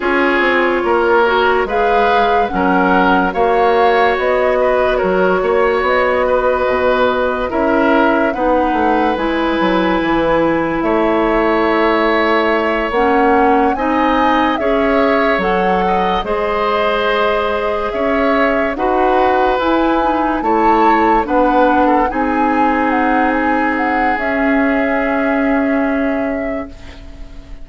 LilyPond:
<<
  \new Staff \with { instrumentName = "flute" } { \time 4/4 \tempo 4 = 72 cis''2 f''4 fis''4 | f''4 dis''4 cis''4 dis''4~ | dis''4 e''4 fis''4 gis''4~ | gis''4 e''2~ e''8 fis''8~ |
fis''8 gis''4 e''4 fis''4 dis''8~ | dis''4. e''4 fis''4 gis''8~ | gis''8 a''4 fis''4 gis''4 fis''8 | gis''8 fis''8 e''2. | }
  \new Staff \with { instrumentName = "oboe" } { \time 4/4 gis'4 ais'4 b'4 ais'4 | cis''4. b'8 ais'8 cis''4 b'8~ | b'4 ais'4 b'2~ | b'4 cis''2.~ |
cis''8 dis''4 cis''4. dis''8 c''8~ | c''4. cis''4 b'4.~ | b'8 cis''4 b'8. a'16 gis'4.~ | gis'1 | }
  \new Staff \with { instrumentName = "clarinet" } { \time 4/4 f'4. fis'8 gis'4 cis'4 | fis'1~ | fis'4 e'4 dis'4 e'4~ | e'2.~ e'8 cis'8~ |
cis'8 dis'4 gis'4 a'4 gis'8~ | gis'2~ gis'8 fis'4 e'8 | dis'8 e'4 d'4 dis'4.~ | dis'4 cis'2. | }
  \new Staff \with { instrumentName = "bassoon" } { \time 4/4 cis'8 c'8 ais4 gis4 fis4 | ais4 b4 fis8 ais8 b4 | b,4 cis'4 b8 a8 gis8 fis8 | e4 a2~ a8 ais8~ |
ais8 c'4 cis'4 fis4 gis8~ | gis4. cis'4 dis'4 e'8~ | e'8 a4 b4 c'4.~ | c'4 cis'2. | }
>>